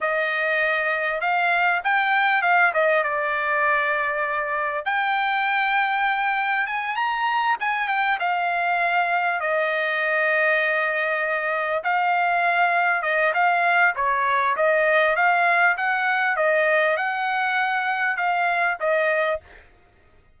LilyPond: \new Staff \with { instrumentName = "trumpet" } { \time 4/4 \tempo 4 = 99 dis''2 f''4 g''4 | f''8 dis''8 d''2. | g''2. gis''8 ais''8~ | ais''8 gis''8 g''8 f''2 dis''8~ |
dis''2.~ dis''8 f''8~ | f''4. dis''8 f''4 cis''4 | dis''4 f''4 fis''4 dis''4 | fis''2 f''4 dis''4 | }